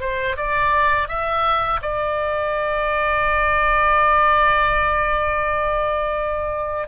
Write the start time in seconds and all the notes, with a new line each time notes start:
0.00 C5
0.36 D5
1.08 E5
1.81 D5